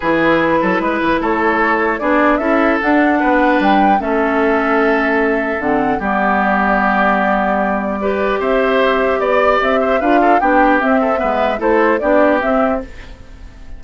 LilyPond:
<<
  \new Staff \with { instrumentName = "flute" } { \time 4/4 \tempo 4 = 150 b'2. cis''4~ | cis''4 d''4 e''4 fis''4~ | fis''4 g''4 e''2~ | e''2 fis''4 d''4~ |
d''1~ | d''4 e''2 d''4 | e''4 f''4 g''4 e''4~ | e''4 c''4 d''4 e''4 | }
  \new Staff \with { instrumentName = "oboe" } { \time 4/4 gis'4. a'8 b'4 a'4~ | a'4 gis'4 a'2 | b'2 a'2~ | a'2. g'4~ |
g'1 | b'4 c''2 d''4~ | d''8 c''8 b'8 a'8 g'4. a'8 | b'4 a'4 g'2 | }
  \new Staff \with { instrumentName = "clarinet" } { \time 4/4 e'1~ | e'4 d'4 e'4 d'4~ | d'2 cis'2~ | cis'2 c'4 b4~ |
b1 | g'1~ | g'4 f'4 d'4 c'4 | b4 e'4 d'4 c'4 | }
  \new Staff \with { instrumentName = "bassoon" } { \time 4/4 e4. fis8 gis8 e8 a4~ | a4 b4 cis'4 d'4 | b4 g4 a2~ | a2 d4 g4~ |
g1~ | g4 c'2 b4 | c'4 d'4 b4 c'4 | gis4 a4 b4 c'4 | }
>>